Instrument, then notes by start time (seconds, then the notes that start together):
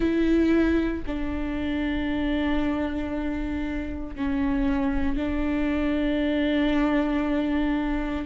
viola
0.00 E4
1.06 D4
4.15 C#4
5.16 D4